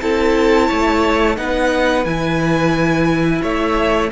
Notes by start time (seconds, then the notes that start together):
0.00 C4 E4 A4 A5
0.68 A3 C#5
1.37 B3 D#4 B4 F#5
2.05 E3 E4 G#5
3.42 A3 C#5 E5